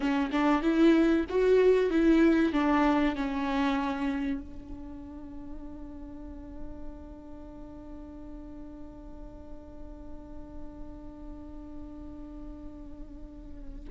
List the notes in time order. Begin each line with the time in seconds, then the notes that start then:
0.00 C#4
0.31 D4
0.62 E4
1.29 F#4
1.90 E4
2.52 D4
3.16 C#4
4.41 D4